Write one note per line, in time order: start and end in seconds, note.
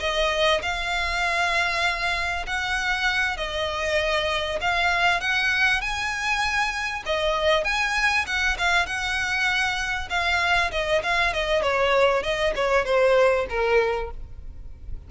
0.00 0.61 D#5
0.62 2.46 F5
2.47 3.37 F#5
3.37 4.60 D#5
4.61 5.21 F5
5.21 5.81 F#5
5.81 7.04 G#5
7.06 7.64 D#5
7.64 8.26 G#5
8.27 8.57 F#5
8.58 8.86 F5
8.86 10.09 F#5
10.10 10.71 F5
10.72 11.02 D#5
11.03 11.34 F5
11.34 11.62 D#5
11.62 12.23 C#5
12.23 12.54 D#5
12.56 12.85 C#5
12.85 13.46 C5
13.49 14.11 A#4